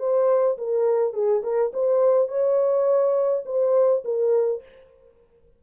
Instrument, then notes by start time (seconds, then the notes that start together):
horn
0.00 C5
0.58 A#4
1.14 G#4
1.43 A#4
1.74 C5
2.29 C#5
3.46 C5
4.05 A#4